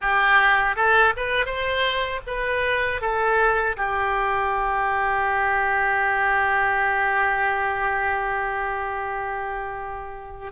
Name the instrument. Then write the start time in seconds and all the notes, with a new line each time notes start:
oboe
0.01 G4
0.76 A4
1.16 B4
1.45 C5
2.26 B4
3.01 A4
3.76 G4